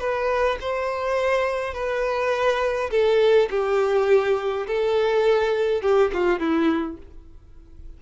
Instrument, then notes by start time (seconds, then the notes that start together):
violin
0.00 B4
0.61 C5
1.74 B4
2.91 A4
3.50 G4
4.67 A4
5.82 G4
6.14 F4
6.39 E4